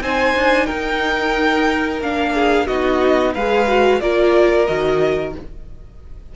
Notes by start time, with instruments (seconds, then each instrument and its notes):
0.00 cello C4, viola D#4, violin C5 G#5
0.35 cello D4
0.65 cello D#4, violin A#4 G5
2.01 cello A#3, viola D4, violin F5
2.34 violin G#4
2.66 cello B3, viola D#4, violin F#4 D#5
3.33 cello G#3, viola G#4, violin B4 F5
3.67 viola F#4
4.00 cello A#3, viola F4, violin A#4 D5
4.66 cello D#3, viola F#4, violin D#5